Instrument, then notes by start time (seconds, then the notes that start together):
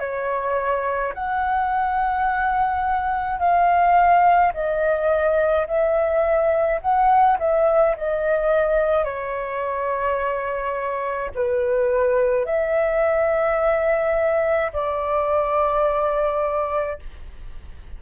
flute
0.00 C#5
1.14 F#5
3.40 F5
4.54 D#5
5.67 E5
6.81 F#5
7.39 E5
7.97 D#5
9.05 C#5
11.35 B4
12.45 E5
14.73 D5